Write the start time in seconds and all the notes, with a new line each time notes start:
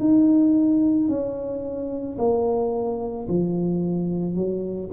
0.00 D#4
1.09 C#4
2.18 A#3
3.29 F3
4.35 F#3